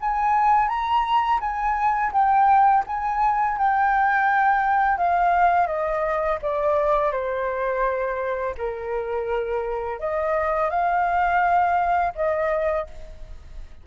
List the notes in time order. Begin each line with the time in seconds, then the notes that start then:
0.00 G#5
0.68 A#5
1.40 G#5
2.12 G5
2.86 G#5
3.57 G5
4.97 F5
5.67 D#5
6.42 D5
7.12 C5
8.57 A#4
9.99 D#5
10.69 F5
12.15 D#5